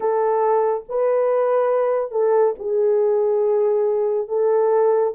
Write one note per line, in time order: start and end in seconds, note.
0.00 0.84 A4
0.88 2.11 B4
2.11 2.54 A4
2.58 4.28 G#4
4.28 5.14 A4